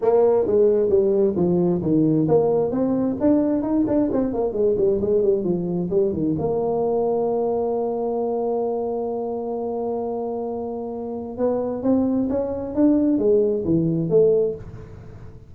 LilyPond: \new Staff \with { instrumentName = "tuba" } { \time 4/4 \tempo 4 = 132 ais4 gis4 g4 f4 | dis4 ais4 c'4 d'4 | dis'8 d'8 c'8 ais8 gis8 g8 gis8 g8 | f4 g8 dis8 ais2~ |
ais1~ | ais1~ | ais4 b4 c'4 cis'4 | d'4 gis4 e4 a4 | }